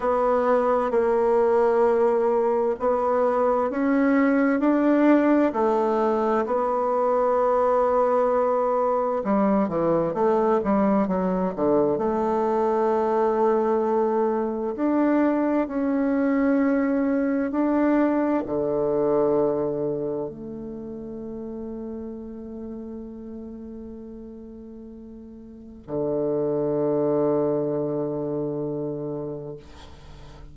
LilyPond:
\new Staff \with { instrumentName = "bassoon" } { \time 4/4 \tempo 4 = 65 b4 ais2 b4 | cis'4 d'4 a4 b4~ | b2 g8 e8 a8 g8 | fis8 d8 a2. |
d'4 cis'2 d'4 | d2 a2~ | a1 | d1 | }